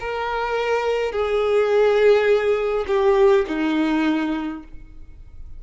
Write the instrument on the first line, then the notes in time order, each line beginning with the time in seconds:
violin
0.00 A#4
1.12 G#4
2.87 G4
3.47 D#4